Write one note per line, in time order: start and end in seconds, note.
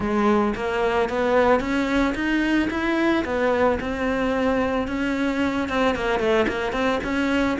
0.00 0.54 G#3
0.55 1.09 A#3
1.09 1.59 B3
1.59 2.14 C#4
2.14 2.68 D#4
2.70 3.24 E4
3.24 3.78 B3
3.80 4.87 C4
4.87 5.68 C#4
5.68 5.95 C4
5.95 6.19 A#3
6.19 6.46 A3
6.47 6.72 A#3
6.72 6.99 C4
7.03 7.57 C#4